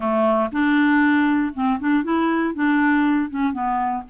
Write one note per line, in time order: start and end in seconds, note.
0.00 0.49 A3
0.52 1.53 D4
1.53 1.79 C4
1.79 2.03 D4
2.03 2.54 E4
2.54 3.30 D4
3.30 3.52 C#4
3.52 4.03 B3